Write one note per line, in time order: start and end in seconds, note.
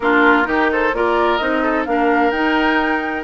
0.00 0.45 A#3
0.00 0.43 D4
0.00 0.47 F4
0.00 0.69 A#4
0.43 0.92 D#3
0.43 0.90 D#4
0.43 0.71 G4
0.72 0.95 A4
0.72 0.94 C5
0.92 1.39 A#3
0.92 1.40 F4
0.92 1.62 A#4
0.92 1.37 D5
1.37 1.86 C4
1.37 1.86 D#4
1.37 1.84 D#5
1.62 1.86 A4
1.85 2.30 A#3
1.85 2.32 D4
1.85 3.24 A#4
1.85 2.30 F5
2.30 3.23 D#4
2.30 3.24 D#4
2.30 3.23 G5